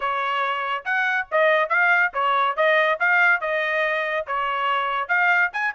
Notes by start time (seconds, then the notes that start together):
0.00 C#5
0.84 F#5
1.31 D#5
1.69 F5
2.13 C#5
2.56 D#5
2.99 F5
3.40 D#5
4.26 C#5
5.08 F5
5.53 G#5